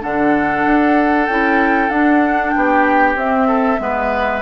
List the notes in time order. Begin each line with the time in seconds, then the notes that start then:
0.00 D3 D4 A4 F#5
0.65 D4
1.26 C#4 E4 G5
1.90 D4 F#5
2.50 B3 G5
2.56 G4
3.15 C4 E5
3.47 A4
3.78 G#3 B3 B4